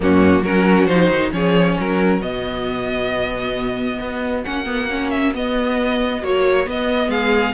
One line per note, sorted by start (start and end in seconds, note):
0.00 0.41 F#2
0.00 0.44 A#3
0.00 0.42 C#4
0.00 0.43 F#4
0.41 0.86 F#3
0.41 0.89 C#4
0.41 1.31 F#4
0.41 0.86 A#4
0.86 1.08 F3
0.86 1.31 D#4
0.86 1.30 C5
1.09 1.31 D#3
1.31 1.77 F3
1.31 2.20 C#4
1.31 1.77 G#4
1.31 1.77 C#5
1.77 2.20 F#3
1.77 7.10 F#4
1.77 2.22 A#4
2.20 3.98 B2
2.20 4.44 B3
2.20 4.44 D#5
4.00 4.45 B3
4.44 5.35 A#3
4.44 4.65 C#4
4.44 5.10 F#5
4.65 4.87 B3
4.90 5.34 C#4
5.10 5.32 E5
5.34 6.22 B3
5.34 6.24 D#5
6.22 6.66 F#3
6.22 6.66 A#3
6.22 6.68 C#5
6.66 7.53 B3
6.66 7.07 B3
6.66 7.10 D#5
7.07 7.52 G#3
7.07 7.53 G#4
7.07 7.53 F5